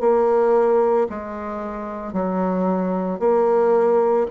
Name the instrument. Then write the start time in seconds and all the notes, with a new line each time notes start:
bassoon
0.00 A#3
1.09 G#3
2.13 F#3
3.19 A#3